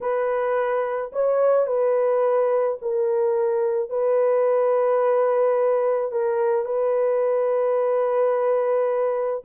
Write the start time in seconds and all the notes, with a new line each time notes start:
0.00 B4
1.12 C#5
1.66 B4
2.81 A#4
3.89 B4
6.11 A#4
6.65 B4